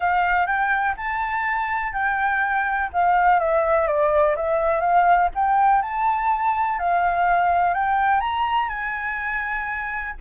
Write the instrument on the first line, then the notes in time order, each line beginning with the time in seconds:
flute
0.00 F5
0.46 G5
0.96 A5
1.92 G5
2.92 F5
3.39 E5
3.87 D5
4.35 E5
4.80 F5
5.34 G5
5.82 A5
6.79 F5
7.74 G5
8.20 A#5
8.69 G#5